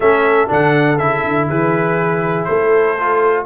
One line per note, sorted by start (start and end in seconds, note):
0.00 0.49 A3
0.00 0.47 C#4
0.00 1.49 A4
0.00 0.49 E5
0.47 1.00 D3
0.47 0.97 D4
0.47 0.98 F#5
0.98 1.23 C#3
0.98 2.98 E4
0.98 1.47 E5
1.23 1.48 D3
1.48 2.48 E3
1.48 2.48 G#4
1.48 2.44 B4
2.44 3.45 A3
2.44 3.45 A4
2.44 3.43 C5
2.99 3.45 F4